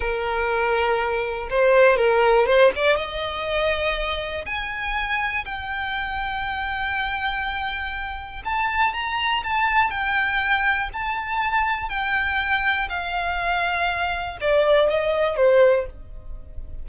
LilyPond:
\new Staff \with { instrumentName = "violin" } { \time 4/4 \tempo 4 = 121 ais'2. c''4 | ais'4 c''8 d''8 dis''2~ | dis''4 gis''2 g''4~ | g''1~ |
g''4 a''4 ais''4 a''4 | g''2 a''2 | g''2 f''2~ | f''4 d''4 dis''4 c''4 | }